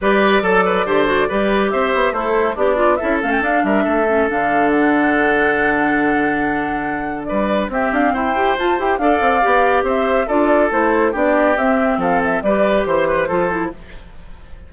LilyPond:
<<
  \new Staff \with { instrumentName = "flute" } { \time 4/4 \tempo 4 = 140 d''1 | e''4 c''4 d''4 e''8 f''16 g''16 | f''8 e''4. f''4 fis''4~ | fis''1~ |
fis''4 d''4 e''8 f''8 g''4 | a''8 g''8 f''2 e''4 | d''4 c''4 d''4 e''4 | f''8 e''8 d''4 c''2 | }
  \new Staff \with { instrumentName = "oboe" } { \time 4/4 b'4 a'8 b'8 c''4 b'4 | c''4 e'4 d'4 a'4~ | a'8 ais'8 a'2.~ | a'1~ |
a'4 b'4 g'4 c''4~ | c''4 d''2 c''4 | a'2 g'2 | a'4 b'4 c''8 b'8 a'4 | }
  \new Staff \with { instrumentName = "clarinet" } { \time 4/4 g'4 a'4 g'8 fis'8 g'4~ | g'4 a'4 g'8 f'8 e'8 cis'8 | d'4. cis'8 d'2~ | d'1~ |
d'2 c'4. g'8 | f'8 g'8 a'4 g'2 | f'4 e'4 d'4 c'4~ | c'4 g'2 f'8 e'8 | }
  \new Staff \with { instrumentName = "bassoon" } { \time 4/4 g4 fis4 d4 g4 | c'8 b8 a4 b4 cis'8 a8 | d'8 g8 a4 d2~ | d1~ |
d4 g4 c'8 d'8 e'4 | f'8 e'8 d'8 c'8 b4 c'4 | d'4 a4 b4 c'4 | f4 g4 e4 f4 | }
>>